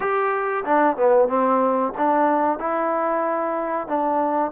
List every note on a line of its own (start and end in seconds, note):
0.00 0.63 G4
0.65 0.96 D4
0.96 1.28 B3
1.28 1.92 C4
1.97 2.58 D4
2.58 3.87 E4
3.87 4.51 D4